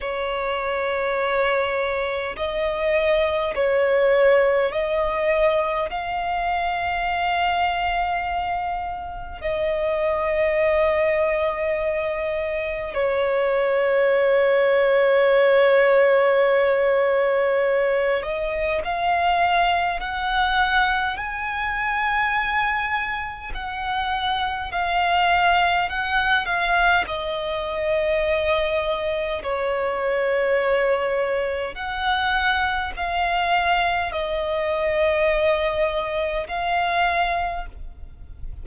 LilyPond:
\new Staff \with { instrumentName = "violin" } { \time 4/4 \tempo 4 = 51 cis''2 dis''4 cis''4 | dis''4 f''2. | dis''2. cis''4~ | cis''2.~ cis''8 dis''8 |
f''4 fis''4 gis''2 | fis''4 f''4 fis''8 f''8 dis''4~ | dis''4 cis''2 fis''4 | f''4 dis''2 f''4 | }